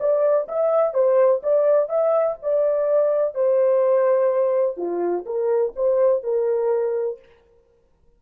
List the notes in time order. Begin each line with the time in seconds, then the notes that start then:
0.00 D5
0.49 E5
0.94 C5
1.43 D5
1.89 E5
2.42 D5
3.35 C5
4.77 F4
5.26 A#4
5.76 C5
6.24 A#4